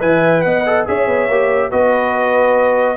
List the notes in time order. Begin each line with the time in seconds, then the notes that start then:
0.00 E3 B4 E5 G#5
0.41 B3 D#5 F#5
0.66 A4
0.87 C#4 G#4 C#5 E5
1.07 B3
1.28 A#3 G4
1.69 B3 F#4 B4 D#5